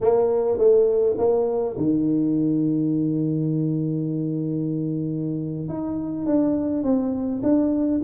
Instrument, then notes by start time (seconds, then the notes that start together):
tuba
0.00 A#3
0.58 A3
1.18 A#3
1.77 D#3
5.68 D#4
6.26 D4
6.83 C4
7.42 D4